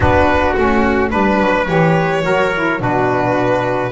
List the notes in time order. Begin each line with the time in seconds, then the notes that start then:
0.00 B3 D4 F#4 B4
0.53 A3 C#4 F#4
1.10 G3 D4 B4
1.40 F#3
1.66 E3 G4 C#5
2.22 F#3 F#4 A#4
2.54 E4
2.78 B2 D4 F#4 B4